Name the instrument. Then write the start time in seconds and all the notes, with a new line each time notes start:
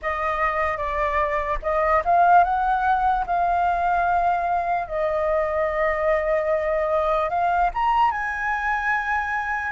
flute
0.02 D#5
0.77 D5
1.62 D#5
2.05 F5
2.44 F#5
3.26 F5
4.87 D#5
7.29 F5
7.74 A#5
8.11 G#5